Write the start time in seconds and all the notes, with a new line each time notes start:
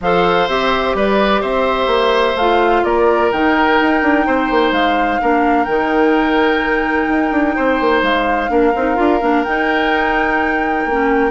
0.00 F3 A4 C5 F5
0.47 C4 G4 E5
0.94 G3 B4 D5
1.41 C4 C5 E5
1.86 A#3
2.35 A3 F4 F5
2.83 A#3 A#4 D5
3.31 D#3 D#4 G5
3.81 D#4
4.02 D4
4.26 C4 C5
4.50 A#3
4.71 G#3 F5
5.21 A#3 D4 A#4
5.64 D#3 D#4 G5
7.08 D#4
7.31 D4
7.55 C4 C5
7.80 A#3
8.02 G#3 F5
8.48 A#3 D4 A#4
8.75 C4 D#4
8.95 D4 F4
9.21 A#3 D4
9.43 D#4 G5
10.85 A#3 C#4